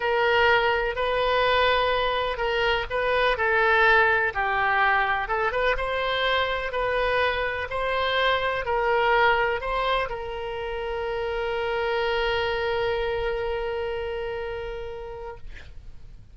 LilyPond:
\new Staff \with { instrumentName = "oboe" } { \time 4/4 \tempo 4 = 125 ais'2 b'2~ | b'4 ais'4 b'4 a'4~ | a'4 g'2 a'8 b'8 | c''2 b'2 |
c''2 ais'2 | c''4 ais'2.~ | ais'1~ | ais'1 | }